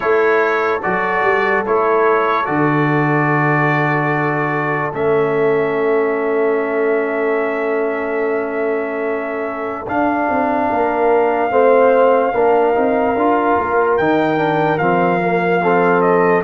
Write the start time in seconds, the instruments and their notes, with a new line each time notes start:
0.00 tuba A3, trombone E4, horn A4, trumpet C#5
0.82 tuba F#3, trombone F#4, trumpet D5
1.23 tuba G3
1.65 tuba A3, trombone E4, trumpet C#5
2.45 tuba D3, trombone F#4, trumpet D5
4.93 tuba A3, trombone C#4, trumpet E5
9.87 trombone D4, tuba D4, trumpet F5
10.28 tuba C4
10.70 tuba A#3, horn A#4
11.50 tuba A3, trombone C4, horn C5
12.33 tuba A#3, trombone D4, horn A#4
12.74 tuba C4, trombone D#4
13.15 tuba D4, trombone F4
13.58 tuba A#3
13.97 tuba D#3, trombone D#4, trumpet G5
14.37 trombone D4
14.78 tuba F3, trombone C4, trumpet F5
15.20 trombone A#3
15.61 trombone C4, horn A4
16.01 trumpet D#5